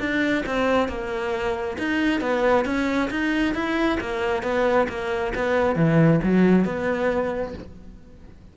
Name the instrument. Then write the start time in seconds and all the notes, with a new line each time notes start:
cello
0.00 D4
0.47 C4
0.89 A#3
1.79 D#4
2.21 B3
2.66 C#4
3.11 D#4
3.55 E4
4.01 A#3
4.43 B3
4.89 A#3
5.35 B3
5.76 E3
6.24 F#3
6.65 B3